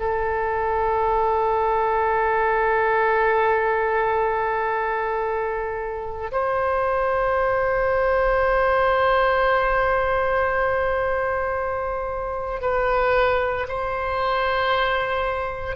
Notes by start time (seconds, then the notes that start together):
0.00 A4
6.32 C5
12.62 B4
13.68 C5